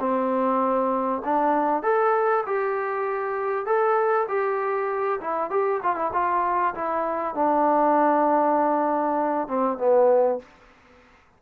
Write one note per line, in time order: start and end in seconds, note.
0.00 1.22 C4
1.25 1.83 D4
1.83 2.44 A4
2.46 3.66 G4
3.66 4.27 A4
4.28 5.20 G4
5.21 5.50 E4
5.50 5.81 G4
5.83 5.96 F4
5.96 6.11 E4
6.13 6.75 F4
6.75 7.35 E4
7.35 9.48 D4
9.48 9.78 C4
9.78 10.39 B3